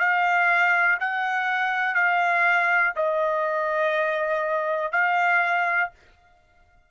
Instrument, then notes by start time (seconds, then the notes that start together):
trumpet
0.00 F5
1.01 F#5
1.95 F5
2.96 D#5
4.92 F5